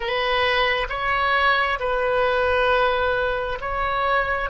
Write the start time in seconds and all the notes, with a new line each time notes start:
0.00 B4
0.89 C#5
1.79 B4
3.60 C#5